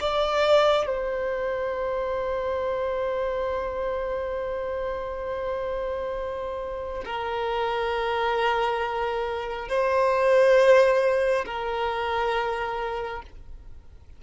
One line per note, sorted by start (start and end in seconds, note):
0.00 0.86 D5
0.86 7.03 C5
7.05 9.68 A#4
9.68 11.45 C5
11.45 13.22 A#4